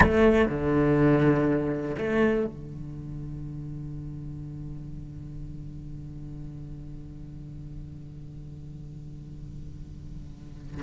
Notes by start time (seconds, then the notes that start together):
0.00 A3
0.48 D3
1.97 A3
2.46 D3